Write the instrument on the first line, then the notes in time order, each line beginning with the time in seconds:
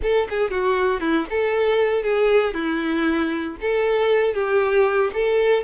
violin
0.02 A4
0.29 G#4
0.50 F#4
1.00 E4
1.30 A4
2.03 G#4
2.54 E4
3.61 A4
4.33 G4
5.13 A4